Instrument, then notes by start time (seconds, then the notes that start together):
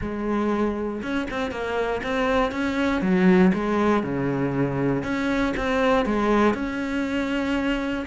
cello
0.01 G#3
1.02 C#4
1.30 C4
1.51 A#3
2.03 C4
2.51 C#4
3.01 F#3
3.53 G#3
4.03 C#3
5.03 C#4
5.56 C4
6.05 G#3
6.54 C#4